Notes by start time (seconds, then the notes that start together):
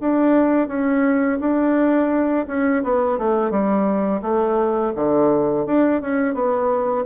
0.00 D4
0.68 C#4
1.40 D4
2.48 C#4
2.83 B3
3.18 A3
3.51 G3
4.22 A3
4.95 D3
5.66 D4
6.01 C#4
6.34 B3